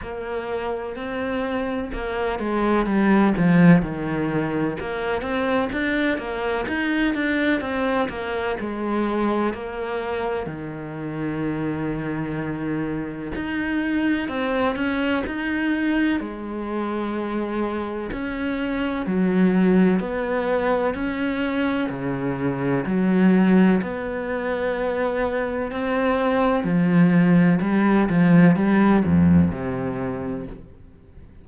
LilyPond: \new Staff \with { instrumentName = "cello" } { \time 4/4 \tempo 4 = 63 ais4 c'4 ais8 gis8 g8 f8 | dis4 ais8 c'8 d'8 ais8 dis'8 d'8 | c'8 ais8 gis4 ais4 dis4~ | dis2 dis'4 c'8 cis'8 |
dis'4 gis2 cis'4 | fis4 b4 cis'4 cis4 | fis4 b2 c'4 | f4 g8 f8 g8 f,8 c4 | }